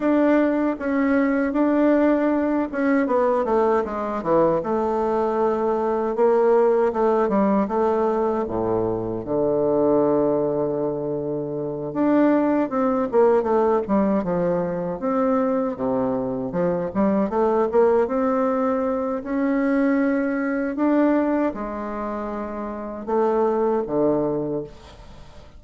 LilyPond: \new Staff \with { instrumentName = "bassoon" } { \time 4/4 \tempo 4 = 78 d'4 cis'4 d'4. cis'8 | b8 a8 gis8 e8 a2 | ais4 a8 g8 a4 a,4 | d2.~ d8 d'8~ |
d'8 c'8 ais8 a8 g8 f4 c'8~ | c'8 c4 f8 g8 a8 ais8 c'8~ | c'4 cis'2 d'4 | gis2 a4 d4 | }